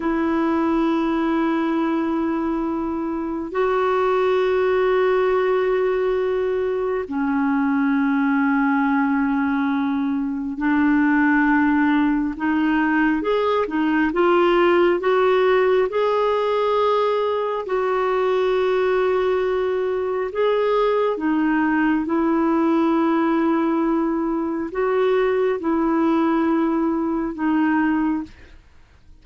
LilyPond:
\new Staff \with { instrumentName = "clarinet" } { \time 4/4 \tempo 4 = 68 e'1 | fis'1 | cis'1 | d'2 dis'4 gis'8 dis'8 |
f'4 fis'4 gis'2 | fis'2. gis'4 | dis'4 e'2. | fis'4 e'2 dis'4 | }